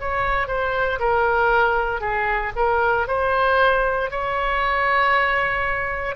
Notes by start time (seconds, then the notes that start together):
0.00 C#5
0.47 C5
1.00 A#4
2.00 G#4
2.55 A#4
3.07 C5
4.11 C#5